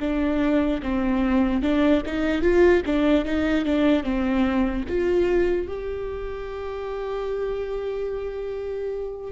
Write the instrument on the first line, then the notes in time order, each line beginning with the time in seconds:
viola
0.00 D4
0.83 C4
1.62 D4
2.06 D#4
2.42 F4
2.86 D4
3.25 D#4
3.65 D4
4.04 C4
4.88 F4
5.68 G4